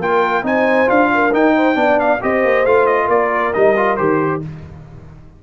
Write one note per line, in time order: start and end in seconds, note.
0.00 0.43 A#3
0.00 0.43 F4
0.00 0.43 A#4
0.00 0.45 G5
0.43 0.87 C4
0.43 0.86 D#4
0.43 1.10 C5
0.43 0.89 G#5
0.86 1.33 D4
0.86 1.30 F4
0.86 1.33 F5
1.14 1.55 A#4
1.32 1.75 D#4
1.32 1.99 G5
1.55 1.77 C5
1.75 2.19 B3
1.75 2.19 D4
1.75 2.23 D5
1.99 2.21 F5
2.21 2.44 C4
2.21 2.65 G4
2.21 3.06 C5
2.21 2.65 D#5
2.44 2.65 A#3
2.65 3.09 A3
2.65 3.53 F4
2.65 2.86 F5
2.86 3.08 D#5
3.06 3.53 A#3
3.06 4.38 A#4
3.06 3.53 D5
3.53 3.99 G3
3.53 3.75 D#4
3.53 3.96 D#5
3.76 3.98 F4
3.96 4.43 D#3
3.96 4.42 G4
3.96 4.40 C5